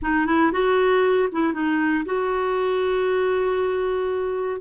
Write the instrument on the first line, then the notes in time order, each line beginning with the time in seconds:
clarinet
0.02 D#4
0.26 E4
0.52 F#4
1.31 E4
1.53 D#4
2.05 F#4